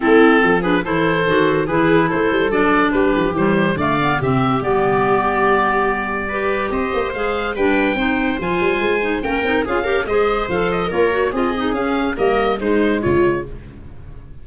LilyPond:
<<
  \new Staff \with { instrumentName = "oboe" } { \time 4/4 \tempo 4 = 143 a'4. b'8 c''2 | b'4 c''4 d''4 b'4 | c''4 f''4 e''4 d''4~ | d''1 |
dis''4 f''4 g''2 | gis''2 g''4 f''4 | dis''4 f''8 dis''8 cis''4 dis''4 | f''4 dis''4 c''4 cis''4 | }
  \new Staff \with { instrumentName = "viola" } { \time 4/4 e'4 a'8 gis'8 a'2 | gis'4 a'2 g'4~ | g'4 d''4 g'2~ | g'2. b'4 |
c''2 b'4 c''4~ | c''2 ais'4 gis'8 ais'8 | c''2 ais'4 gis'4~ | gis'4 ais'4 dis'4 f'4 | }
  \new Staff \with { instrumentName = "clarinet" } { \time 4/4 c'4. d'8 e'4 fis'4 | e'2 d'2 | g4 a8 b8 c'4 b4~ | b2. g'4~ |
g'4 gis'4 d'4 dis'4 | f'4. dis'8 cis'8 dis'8 f'8 g'8 | gis'4 a'4 f'8 fis'8 f'8 dis'8 | cis'4 ais4 gis2 | }
  \new Staff \with { instrumentName = "tuba" } { \time 4/4 a4 f4 e4 dis4 | e4 a8 g8 fis4 g8 f8 | e4 d4 c4 g4~ | g1 |
c'8 ais8 gis4 g4 c'4 | f8 g8 gis4 ais8 c'8 cis'4 | gis4 f4 ais4 c'4 | cis'4 g4 gis4 cis4 | }
>>